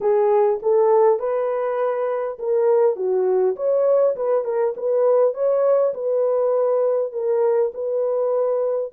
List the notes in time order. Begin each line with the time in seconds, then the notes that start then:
0.00 G#4
0.62 A4
1.19 B4
2.38 A#4
2.96 F#4
3.56 C#5
4.16 B4
4.44 A#4
4.76 B4
5.34 C#5
5.94 B4
7.12 A#4
7.74 B4